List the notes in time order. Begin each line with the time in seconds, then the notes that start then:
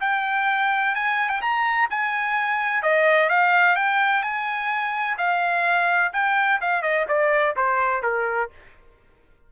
0.00 G5
0.95 G#5
1.29 G5
1.41 A#5
1.90 G#5
2.82 D#5
3.29 F5
3.76 G5
4.22 G#5
5.17 F5
6.13 G5
6.61 F5
6.82 D#5
7.08 D5
7.56 C5
8.02 A#4